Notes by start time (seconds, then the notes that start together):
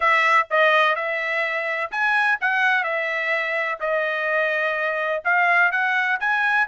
0.00 E5
0.50 D#5
0.95 E5
1.91 G#5
2.40 F#5
2.83 E5
3.79 D#5
5.24 F5
5.71 F#5
6.19 G#5